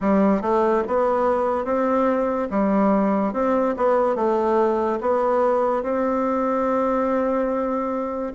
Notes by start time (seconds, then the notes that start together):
0.00 G3
0.41 A3
0.87 B3
1.64 C4
2.50 G3
3.33 C4
3.76 B3
4.15 A3
5.00 B3
5.82 C4